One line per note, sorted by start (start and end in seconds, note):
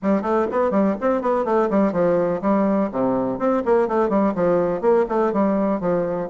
0.02 0.22 G3
0.22 0.46 A3
0.51 0.71 B3
0.71 0.95 G3
1.00 1.21 C4
1.21 1.45 B3
1.45 1.69 A3
1.70 1.92 G3
1.92 2.41 F3
2.41 2.90 G3
2.91 3.38 C3
3.38 3.62 C4
3.65 3.88 A#3
3.88 4.09 A3
4.09 4.33 G3
4.34 4.81 F3
4.81 5.05 A#3
5.09 5.32 A3
5.32 5.80 G3
5.80 6.28 F3